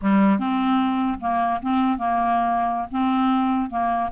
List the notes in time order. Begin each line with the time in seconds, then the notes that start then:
0.01 G3
0.38 C4
1.20 A#3
1.62 C4
1.98 A#3
2.91 C4
3.70 A#3